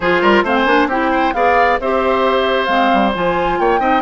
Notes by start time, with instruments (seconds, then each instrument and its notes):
0.00 bassoon F3, clarinet F4, oboe G#4, flute C5
0.21 bassoon G3, oboe A#4
0.42 bassoon A3, clarinet C4, oboe C5, flute F5
0.55 flute G#5
0.65 bassoon A#3, clarinet D4
0.86 bassoon C4, clarinet E4, oboe G4, flute G5
1.11 oboe C5
1.33 bassoon B3, clarinet G#4, oboe D5, flute F5
1.80 bassoon C4, clarinet G4, oboe C5, flute E5
2.64 bassoon G#3, clarinet C4, flute F5
2.93 bassoon G3
3.14 bassoon F3, clarinet F4, flute G#5
3.59 bassoon A#3, oboe C#5, flute G5
3.79 bassoon C4, clarinet D#4, oboe D#5